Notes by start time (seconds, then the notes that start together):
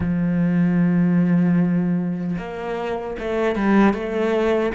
0.00 F3
2.38 A#3
3.19 A3
3.55 G3
3.93 A3